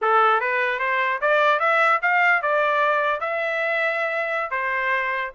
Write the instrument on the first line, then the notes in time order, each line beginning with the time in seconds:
trumpet
0.01 A4
0.40 B4
0.79 C5
1.21 D5
1.59 E5
2.01 F5
2.41 D5
3.20 E5
4.51 C5